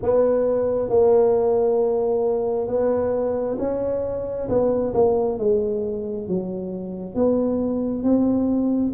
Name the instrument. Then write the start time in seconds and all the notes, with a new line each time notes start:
tuba
0.02 B3
0.89 A#3
2.67 B3
3.58 C#4
4.48 B3
4.93 A#3
5.38 G#3
6.27 F#3
7.14 B3
8.03 C4